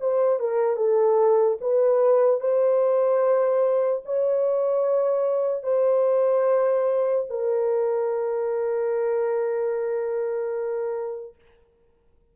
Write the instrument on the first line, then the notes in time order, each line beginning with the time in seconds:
horn
0.00 C5
0.39 A#4
0.77 A4
1.61 B4
2.40 C5
4.05 C#5
5.63 C5
7.29 A#4